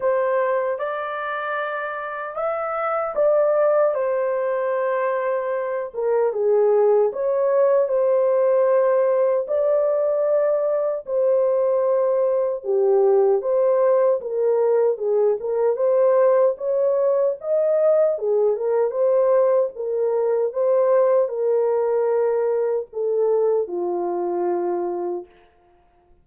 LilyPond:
\new Staff \with { instrumentName = "horn" } { \time 4/4 \tempo 4 = 76 c''4 d''2 e''4 | d''4 c''2~ c''8 ais'8 | gis'4 cis''4 c''2 | d''2 c''2 |
g'4 c''4 ais'4 gis'8 ais'8 | c''4 cis''4 dis''4 gis'8 ais'8 | c''4 ais'4 c''4 ais'4~ | ais'4 a'4 f'2 | }